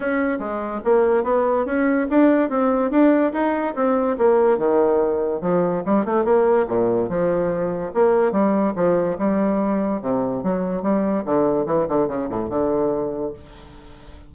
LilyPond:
\new Staff \with { instrumentName = "bassoon" } { \time 4/4 \tempo 4 = 144 cis'4 gis4 ais4 b4 | cis'4 d'4 c'4 d'4 | dis'4 c'4 ais4 dis4~ | dis4 f4 g8 a8 ais4 |
ais,4 f2 ais4 | g4 f4 g2 | c4 fis4 g4 d4 | e8 d8 cis8 a,8 d2 | }